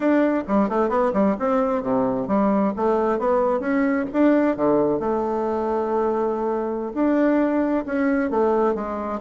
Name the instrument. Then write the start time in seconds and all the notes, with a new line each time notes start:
bassoon
0.00 D4
0.47 G3
0.69 A3
0.89 B3
1.13 G3
1.39 C4
1.82 C3
2.27 G3
2.76 A3
3.18 B3
3.60 C#4
4.12 D4
4.56 D3
4.99 A3
6.93 D4
7.85 C#4
8.30 A3
8.74 G#3